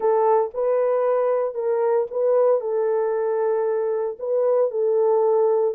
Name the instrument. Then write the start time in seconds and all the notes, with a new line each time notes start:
horn
0.00 A4
0.54 B4
1.54 A#4
2.10 B4
2.60 A4
4.19 B4
4.70 A4